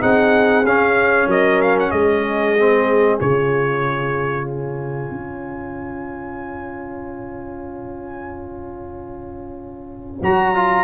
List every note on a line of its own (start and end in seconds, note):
0.00 0.64 C4
0.00 0.64 D#4
0.00 1.27 G#4
0.00 0.66 F#5
0.64 1.26 C#4
0.64 2.58 C#4
0.64 1.30 F5
1.26 1.90 F#3
1.26 1.91 A#4
1.26 1.61 D#5
1.61 1.77 F5
1.79 1.91 F#5
1.91 3.19 G#3
1.91 4.49 G#4
1.91 3.18 D#5
2.58 3.20 C4
3.20 5.10 C#3
3.20 10.22 F4
3.20 4.47 C#5
4.47 10.84 C#5
4.47 10.22 G#5
5.10 10.21 C#4
10.21 10.84 F#3
10.21 10.55 F#4
10.21 10.84 A#5
10.55 10.84 F4